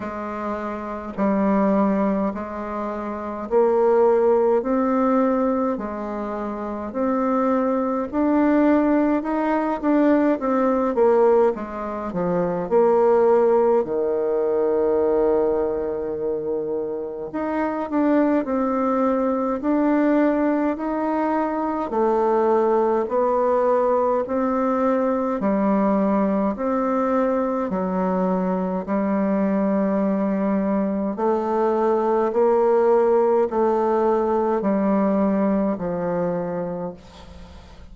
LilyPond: \new Staff \with { instrumentName = "bassoon" } { \time 4/4 \tempo 4 = 52 gis4 g4 gis4 ais4 | c'4 gis4 c'4 d'4 | dis'8 d'8 c'8 ais8 gis8 f8 ais4 | dis2. dis'8 d'8 |
c'4 d'4 dis'4 a4 | b4 c'4 g4 c'4 | fis4 g2 a4 | ais4 a4 g4 f4 | }